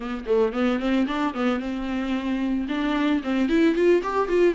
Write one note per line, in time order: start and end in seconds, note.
0.00 0.24 B3
0.26 0.52 A3
0.53 0.79 B3
0.79 1.06 C4
1.07 1.33 D4
1.33 1.59 B3
1.59 2.66 C4
2.68 3.21 D4
3.23 3.48 C4
3.48 3.75 E4
3.75 4.02 F4
4.03 4.28 G4
4.28 4.55 F4